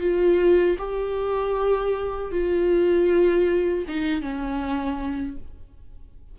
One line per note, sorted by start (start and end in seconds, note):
0.00 0.77 F4
0.78 2.31 G4
2.31 3.85 F4
3.87 4.21 D#4
4.21 5.37 C#4